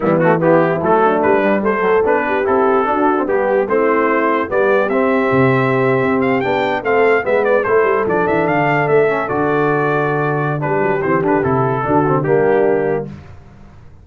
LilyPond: <<
  \new Staff \with { instrumentName = "trumpet" } { \time 4/4 \tempo 4 = 147 e'8 fis'8 g'4 a'4 b'4 | c''4 b'4 a'2 | g'4 c''2 d''4 | e''2.~ e''16 f''8 g''16~ |
g''8. f''4 e''8 d''8 c''4 d''16~ | d''16 e''8 f''4 e''4 d''4~ d''16~ | d''2 b'4 c''8 b'8 | a'2 g'2 | }
  \new Staff \with { instrumentName = "horn" } { \time 4/4 b4 e'4. d'4. | a'4. g'4. fis'4 | g'4 e'2 g'4~ | g'1~ |
g'8. a'4 b'4 a'4~ a'16~ | a'1~ | a'2 g'2~ | g'4 fis'4 d'2 | }
  \new Staff \with { instrumentName = "trombone" } { \time 4/4 g8 a8 b4 a4. g8~ | g8 fis8 d'4 e'4 d'8. c'16 | b4 c'2 b4 | c'2.~ c'8. d'16~ |
d'8. c'4 b4 e'4 d'16~ | d'2~ d'16 cis'8 fis'4~ fis'16~ | fis'2 d'4 c'8 d'8 | e'4 d'8 c'8 ais2 | }
  \new Staff \with { instrumentName = "tuba" } { \time 4/4 e2 fis4 g4 | a4 b4 c'4 d'4 | g4 a2 g4 | c'4 c4.~ c16 c'4 b16~ |
b8. a4 gis4 a8 g8 f16~ | f16 e8 d4 a4 d4~ d16~ | d2 g8 fis8 e8 d8 | c4 d4 g2 | }
>>